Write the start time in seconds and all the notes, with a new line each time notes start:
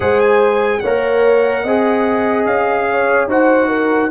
0.00 G#3 G#4 C5 F#5
0.20 G#5
0.79 A#3 C#5 F#5
0.86 A#4
1.63 C4 G#4 D#5
2.45 C#4 F5
2.90 C#5
3.27 D#4 F#4 C5 F#5
3.68 A#4